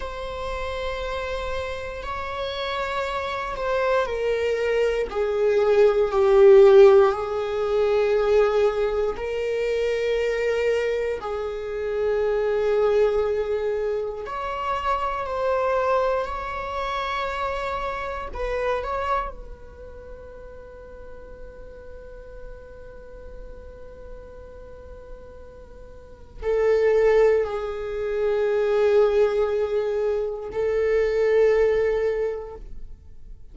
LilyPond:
\new Staff \with { instrumentName = "viola" } { \time 4/4 \tempo 4 = 59 c''2 cis''4. c''8 | ais'4 gis'4 g'4 gis'4~ | gis'4 ais'2 gis'4~ | gis'2 cis''4 c''4 |
cis''2 b'8 cis''8 b'4~ | b'1~ | b'2 a'4 gis'4~ | gis'2 a'2 | }